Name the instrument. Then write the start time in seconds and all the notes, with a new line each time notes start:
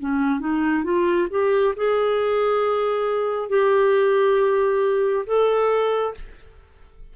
clarinet
0.00 C#4
0.40 D#4
0.84 F4
1.30 G4
1.76 G#4
3.49 G4
5.27 A4